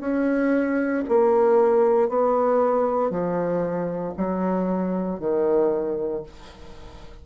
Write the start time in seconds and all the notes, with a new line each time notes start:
0.00 C#4
1.08 A#3
2.09 B3
3.10 F3
4.17 F#3
5.20 D#3